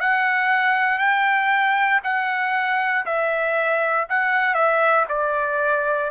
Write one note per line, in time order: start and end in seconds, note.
0.00 0.98 F#5
0.98 2.00 G5
2.03 3.05 F#5
3.06 4.07 E5
4.09 4.54 F#5
4.54 5.05 E5
5.09 6.11 D5